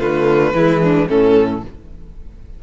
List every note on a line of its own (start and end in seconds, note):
0.00 0.53 D3
0.00 0.55 A3
0.00 0.54 F4
0.00 1.09 B4
0.53 1.07 E3
0.53 1.09 G#3
0.53 0.82 E4
0.82 1.09 D4
1.09 1.63 A2
1.09 1.63 A3
1.09 1.63 C#4
1.09 1.63 A4